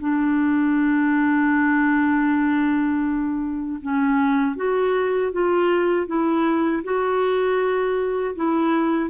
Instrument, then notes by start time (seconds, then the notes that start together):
clarinet
0.00 D4
3.82 C#4
4.56 F#4
5.32 F4
6.07 E4
6.84 F#4
8.36 E4